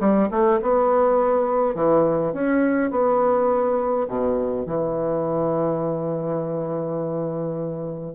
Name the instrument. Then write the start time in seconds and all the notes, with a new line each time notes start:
bassoon
0.00 G3
0.31 A3
0.62 B3
1.75 E3
2.33 C#4
2.91 B3
4.08 B2
4.66 E3